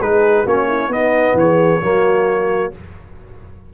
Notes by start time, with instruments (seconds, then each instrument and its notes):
0.00 tuba G#3, trombone D#4, horn G#4, trumpet B4
0.43 tuba A#3, trombone C#4, horn F#4, trumpet C#5
0.68 horn E4
0.88 tuba B3, trombone B3, horn D#4, trumpet D#5
1.34 tuba E3, horn G#4, trumpet C#5
1.82 tuba F#3, trombone A#3, horn F#4